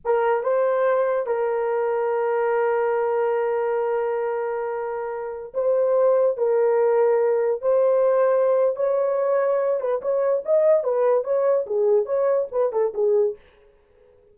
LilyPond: \new Staff \with { instrumentName = "horn" } { \time 4/4 \tempo 4 = 144 ais'4 c''2 ais'4~ | ais'1~ | ais'1~ | ais'4~ ais'16 c''2 ais'8.~ |
ais'2~ ais'16 c''4.~ c''16~ | c''4 cis''2~ cis''8 b'8 | cis''4 dis''4 b'4 cis''4 | gis'4 cis''4 b'8 a'8 gis'4 | }